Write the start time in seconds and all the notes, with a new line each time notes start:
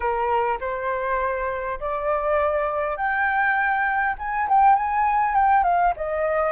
0.00 A#4
0.60 C5
1.80 D5
2.96 G5
4.18 G#5
4.48 G5
4.75 G#5
5.34 G5
5.63 F5
5.96 D#5